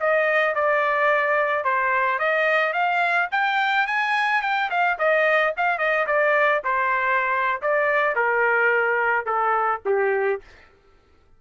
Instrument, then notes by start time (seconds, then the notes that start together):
trumpet
0.00 D#5
0.55 D5
1.64 C5
2.19 D#5
2.73 F5
3.31 G5
3.87 G#5
4.42 G5
4.70 F5
4.98 D#5
5.57 F5
5.78 D#5
6.07 D5
6.64 C5
7.61 D5
8.15 A#4
9.25 A4
9.85 G4